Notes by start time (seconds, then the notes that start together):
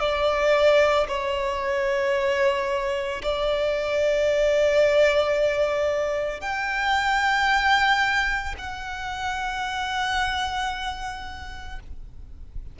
0.00 D5
1.08 C#5
3.23 D5
6.41 G5
8.58 F#5